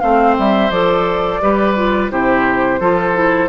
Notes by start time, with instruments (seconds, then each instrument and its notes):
0.00 bassoon A3, clarinet C4, oboe C5, flute F5
0.38 bassoon G3, flute E5
0.70 bassoon F3, clarinet A4, flute D5
1.41 bassoon G3, clarinet G4, oboe B4
1.76 clarinet F4
2.10 bassoon C3, clarinet E4, oboe G4, flute C5
2.80 bassoon F3, clarinet F4, oboe A4
3.14 clarinet E4